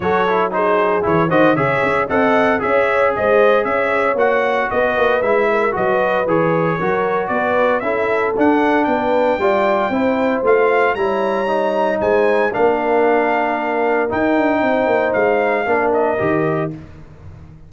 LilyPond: <<
  \new Staff \with { instrumentName = "trumpet" } { \time 4/4 \tempo 4 = 115 cis''4 c''4 cis''8 dis''8 e''4 | fis''4 e''4 dis''4 e''4 | fis''4 dis''4 e''4 dis''4 | cis''2 d''4 e''4 |
fis''4 g''2. | f''4 ais''2 gis''4 | f''2. g''4~ | g''4 f''4. dis''4. | }
  \new Staff \with { instrumentName = "horn" } { \time 4/4 a'4 gis'4. c''8 cis''4 | dis''4 cis''4 c''4 cis''4~ | cis''4 b'4. ais'8 b'4~ | b'4 ais'4 b'4 a'4~ |
a'4 b'4 d''4 c''4~ | c''4 cis''2 c''4 | ais'1 | c''2 ais'2 | }
  \new Staff \with { instrumentName = "trombone" } { \time 4/4 fis'8 e'8 dis'4 e'8 fis'8 gis'4 | a'4 gis'2. | fis'2 e'4 fis'4 | gis'4 fis'2 e'4 |
d'2 f'4 e'4 | f'4 e'4 dis'2 | d'2. dis'4~ | dis'2 d'4 g'4 | }
  \new Staff \with { instrumentName = "tuba" } { \time 4/4 fis2 e8 dis8 cis8 cis'8 | c'4 cis'4 gis4 cis'4 | ais4 b8 ais8 gis4 fis4 | e4 fis4 b4 cis'4 |
d'4 b4 g4 c'4 | a4 g2 gis4 | ais2. dis'8 d'8 | c'8 ais8 gis4 ais4 dis4 | }
>>